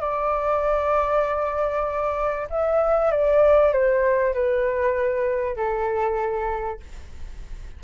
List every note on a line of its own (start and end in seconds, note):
0.00 2.47 D5
2.49 3.11 E5
3.11 3.72 D5
3.72 4.33 C5
4.33 5.56 B4
5.56 6.80 A4